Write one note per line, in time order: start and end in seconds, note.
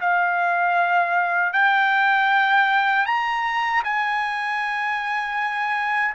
0.00 1.52 F5
1.52 3.06 G5
3.06 3.83 A#5
3.84 6.14 G#5